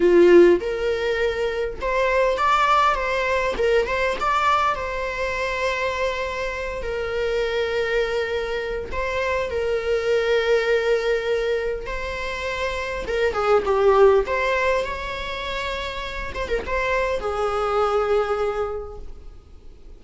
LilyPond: \new Staff \with { instrumentName = "viola" } { \time 4/4 \tempo 4 = 101 f'4 ais'2 c''4 | d''4 c''4 ais'8 c''8 d''4 | c''2.~ c''8 ais'8~ | ais'2. c''4 |
ais'1 | c''2 ais'8 gis'8 g'4 | c''4 cis''2~ cis''8 c''16 ais'16 | c''4 gis'2. | }